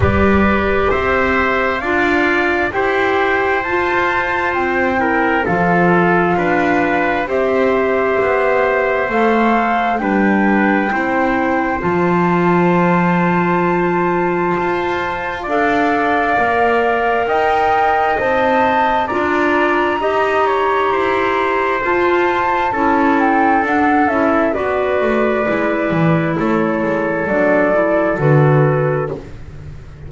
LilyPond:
<<
  \new Staff \with { instrumentName = "flute" } { \time 4/4 \tempo 4 = 66 d''4 e''4 f''4 g''4 | a''4 g''4 f''2 | e''2 f''4 g''4~ | g''4 a''2.~ |
a''4 f''2 g''4 | a''4 ais''2. | a''4. g''8 fis''8 e''8 d''4~ | d''4 cis''4 d''4 b'4 | }
  \new Staff \with { instrumentName = "trumpet" } { \time 4/4 b'4 c''4 d''4 c''4~ | c''4. ais'8 a'4 b'4 | c''2. b'4 | c''1~ |
c''4 d''2 dis''4~ | dis''4 d''4 dis''8 cis''8 c''4~ | c''4 a'2 b'4~ | b'4 a'2. | }
  \new Staff \with { instrumentName = "clarinet" } { \time 4/4 g'2 f'4 g'4 | f'4. e'8 f'2 | g'2 a'4 d'4 | e'4 f'2.~ |
f'4 a'4 ais'2 | c''4 f'4 g'2 | f'4 e'4 d'8 e'8 fis'4 | e'2 d'8 e'8 fis'4 | }
  \new Staff \with { instrumentName = "double bass" } { \time 4/4 g4 c'4 d'4 e'4 | f'4 c'4 f4 d'4 | c'4 b4 a4 g4 | c'4 f2. |
f'4 d'4 ais4 dis'4 | c'4 d'4 dis'4 e'4 | f'4 cis'4 d'8 cis'8 b8 a8 | gis8 e8 a8 gis8 fis4 d4 | }
>>